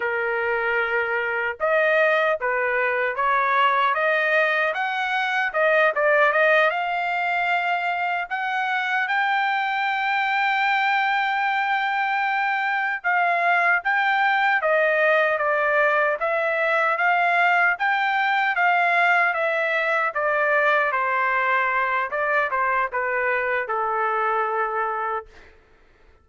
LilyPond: \new Staff \with { instrumentName = "trumpet" } { \time 4/4 \tempo 4 = 76 ais'2 dis''4 b'4 | cis''4 dis''4 fis''4 dis''8 d''8 | dis''8 f''2 fis''4 g''8~ | g''1~ |
g''8 f''4 g''4 dis''4 d''8~ | d''8 e''4 f''4 g''4 f''8~ | f''8 e''4 d''4 c''4. | d''8 c''8 b'4 a'2 | }